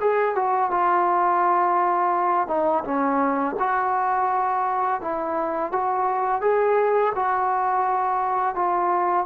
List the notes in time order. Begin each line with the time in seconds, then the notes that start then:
0.00 G#4
0.35 F#4
0.71 F4
2.48 D#4
2.84 C#4
3.59 F#4
5.01 E4
5.72 F#4
6.41 G#4
7.15 F#4
8.55 F4